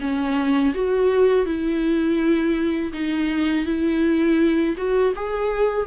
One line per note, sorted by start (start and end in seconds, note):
0.00 0.73 C#4
0.74 1.45 F#4
1.45 2.92 E4
2.92 3.66 D#4
3.66 4.75 E4
4.77 5.13 F#4
5.16 5.86 G#4